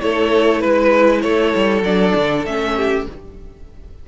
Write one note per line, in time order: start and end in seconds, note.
0.00 0.64 A3
0.00 1.84 E4
0.00 0.60 A4
0.00 0.61 C#5
0.60 1.23 G#3
0.60 1.21 B4
1.21 1.54 A3
1.21 2.75 A4
1.21 1.83 C#5
1.55 1.82 G3
1.82 2.13 F#3
1.82 2.46 D4
1.82 2.45 D5
2.15 2.45 D3
2.45 3.06 A3
2.45 3.08 C#4
2.45 3.07 E5
2.76 3.06 G4